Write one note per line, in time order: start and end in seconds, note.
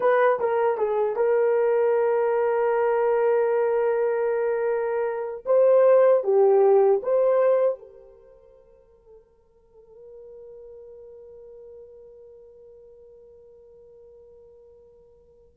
0.00 0.39 B4
0.39 0.77 A#4
0.77 1.15 G#4
1.15 5.44 A#4
5.45 6.23 C5
6.23 7.01 G4
7.02 7.79 C5
7.79 15.57 A#4